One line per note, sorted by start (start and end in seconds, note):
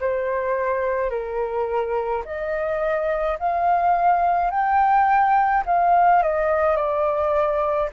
0.00 1.10 C5
1.10 2.23 A#4
2.25 3.38 D#5
3.39 4.51 F5
4.51 5.64 G5
5.66 6.23 F5
6.23 6.76 D#5
6.76 7.89 D5